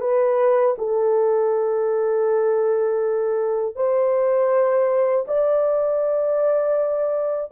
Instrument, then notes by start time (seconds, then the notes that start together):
horn
0.00 B4
0.78 A4
3.75 C5
5.27 D5